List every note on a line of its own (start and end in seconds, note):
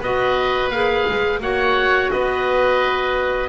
0.00 0.70 B3
0.00 0.72 F#4
0.00 1.40 B4
0.00 0.70 D#5
0.70 1.05 A#3
0.70 1.41 G#4
0.70 1.40 F5
1.08 1.40 G#3
1.40 2.10 A#3
1.40 3.49 F#4
1.40 2.12 C#5
1.40 2.11 F#5
2.11 3.49 B3
2.11 3.49 B4
2.11 3.49 D#5